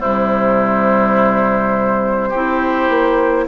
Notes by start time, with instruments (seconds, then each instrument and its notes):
0.00 bassoon C3, clarinet G3, oboe E4, flute C5
2.30 bassoon C4, clarinet E4, oboe G4
2.90 bassoon A#3